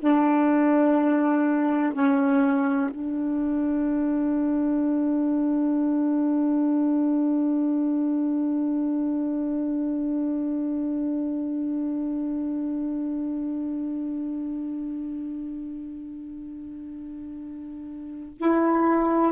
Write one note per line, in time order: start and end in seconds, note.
0.00 1.93 D4
1.93 2.89 C#4
2.91 18.38 D4
18.38 19.32 E4